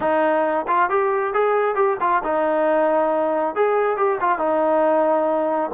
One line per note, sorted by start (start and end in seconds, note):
0.00 0.66 D#4
0.67 0.89 F4
0.89 1.33 G4
1.33 1.75 G#4
1.75 1.97 G4
2.00 2.22 F4
2.23 3.55 D#4
3.55 3.96 G#4
3.96 4.19 G4
4.20 4.38 F4
4.38 5.70 D#4